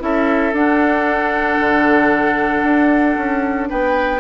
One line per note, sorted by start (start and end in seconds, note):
0.00 0.53 C#4
0.00 0.53 E4
0.00 3.69 A4
0.00 0.54 E5
0.53 1.58 D4
0.53 4.20 D4
0.53 3.69 F#5
1.60 2.63 D3
2.63 3.16 D4
3.16 3.69 C#4
3.69 4.20 B3
3.69 4.20 B4
3.69 4.20 G5